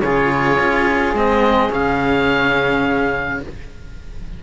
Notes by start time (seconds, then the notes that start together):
0.00 C#3 F4 G#4 C#5
0.60 C#4
1.13 G#3 C4 D#5
1.70 C#3 C#4 F5